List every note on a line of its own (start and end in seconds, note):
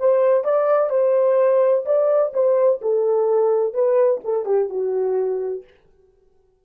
0.00 0.45 C5
0.45 0.90 D5
0.90 1.85 C5
1.86 2.33 D5
2.34 2.81 C5
2.82 3.74 A4
3.74 4.21 B4
4.25 4.46 A4
4.46 4.70 G4
4.70 5.64 F#4